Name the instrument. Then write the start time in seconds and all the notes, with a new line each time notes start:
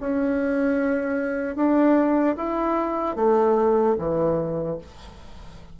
bassoon
0.00 C#4
1.56 D4
2.36 E4
3.16 A3
3.98 E3